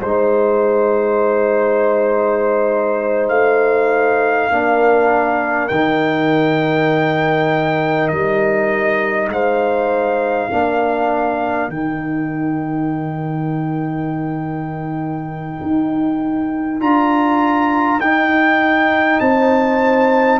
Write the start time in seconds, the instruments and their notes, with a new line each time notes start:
0.00 tuba G#3, trombone D#4, horn C5, trumpet C5
3.29 tuba A3, trumpet F5
4.49 tuba A#3, trombone D4, horn A#4
5.68 tuba D#3, trombone D#4, trumpet G5
8.08 tuba G3, trumpet D#5
9.28 tuba G#3, horn C5, trumpet F5
10.50 tuba A#3, trombone D4, horn A#4
11.69 tuba D#3, trombone D#4, trumpet G5
15.62 tuba D#4
16.80 tuba D4, trombone F4, trumpet A#5
17.99 tuba D#4, trombone D#4, trumpet G5
19.20 tuba C4, horn C5, trumpet A5